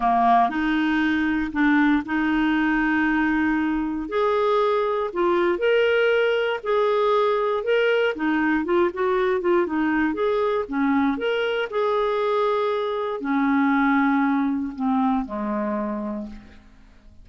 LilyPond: \new Staff \with { instrumentName = "clarinet" } { \time 4/4 \tempo 4 = 118 ais4 dis'2 d'4 | dis'1 | gis'2 f'4 ais'4~ | ais'4 gis'2 ais'4 |
dis'4 f'8 fis'4 f'8 dis'4 | gis'4 cis'4 ais'4 gis'4~ | gis'2 cis'2~ | cis'4 c'4 gis2 | }